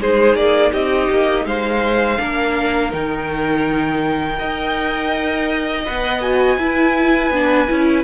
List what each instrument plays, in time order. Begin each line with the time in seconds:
0.00 cello G#3, viola D#4, violin G#4 C5
0.35 cello A#3, violin D5
0.72 cello C4, violin G4 D#5
1.10 cello A#3
1.45 cello G#3, violin C5 F5
2.17 cello A#3, viola D4, violin A#4
2.91 cello D#3, viola D#4, violin G5
4.36 cello D#4, viola A#4, violin D#5
5.85 cello B3, viola B4, violin F#5
6.21 viola F#4, violin G#5
6.57 cello E4, viola E4, violin B4
7.30 cello B3, viola D4
7.68 cello C#4, viola E4